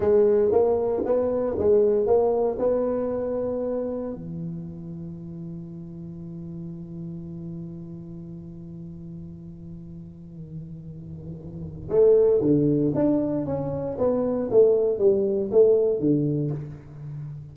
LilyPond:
\new Staff \with { instrumentName = "tuba" } { \time 4/4 \tempo 4 = 116 gis4 ais4 b4 gis4 | ais4 b2. | e1~ | e1~ |
e1~ | e2. a4 | d4 d'4 cis'4 b4 | a4 g4 a4 d4 | }